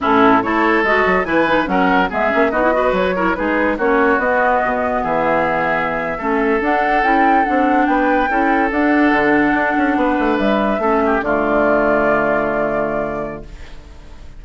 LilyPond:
<<
  \new Staff \with { instrumentName = "flute" } { \time 4/4 \tempo 4 = 143 a'4 cis''4 dis''4 gis''4 | fis''4 e''4 dis''4 cis''4 | b'4 cis''4 dis''2 | e''2.~ e''8. fis''16~ |
fis''8. g''4 fis''4 g''4~ g''16~ | g''8. fis''2.~ fis''16~ | fis''8. e''2 d''4~ d''16~ | d''1 | }
  \new Staff \with { instrumentName = "oboe" } { \time 4/4 e'4 a'2 b'4 | ais'4 gis'4 fis'8 b'4 ais'8 | gis'4 fis'2. | gis'2~ gis'8. a'4~ a'16~ |
a'2~ a'8. b'4 a'16~ | a'2.~ a'8. b'16~ | b'4.~ b'16 a'8 g'8 f'4~ f'16~ | f'1 | }
  \new Staff \with { instrumentName = "clarinet" } { \time 4/4 cis'4 e'4 fis'4 e'8 dis'8 | cis'4 b8 cis'8 dis'16 e'16 fis'4 e'8 | dis'4 cis'4 b2~ | b2~ b8. cis'4 d'16~ |
d'8. e'4 d'2 e'16~ | e'8. d'2.~ d'16~ | d'4.~ d'16 cis'4 a4~ a16~ | a1 | }
  \new Staff \with { instrumentName = "bassoon" } { \time 4/4 a,4 a4 gis8 fis8 e4 | fis4 gis8 ais8 b4 fis4 | gis4 ais4 b4 b,4 | e2~ e8. a4 d'16~ |
d'8. cis'4 c'4 b4 cis'16~ | cis'8. d'4 d4 d'8 cis'8 b16~ | b16 a8 g4 a4 d4~ d16~ | d1 | }
>>